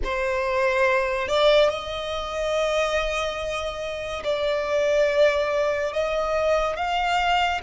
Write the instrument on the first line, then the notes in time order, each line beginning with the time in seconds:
violin
0.03 C5
1.28 D5
1.69 D#5
4.24 D5
5.93 D#5
6.76 F5